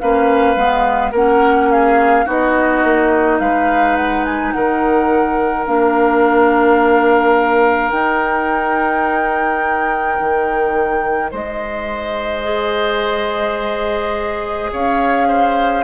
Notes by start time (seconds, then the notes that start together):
0.00 A#3 C#4 B4 F5
0.56 G#3 B3
1.12 A#3 C#4 A#4 F#5
1.72 G#4 F5
2.26 B3 D#4 F#4 D#5
2.84 A#3
3.40 G#3 B4 F5
3.96 F#5
4.25 G#5
4.53 D#3 A#4 F#5
5.67 A#3 D4 F5
7.91 D#4 G5
10.20 D#3
11.32 G#3 C5 D#5
12.44 G#4
14.73 C#4 C#5 F5
15.28 C5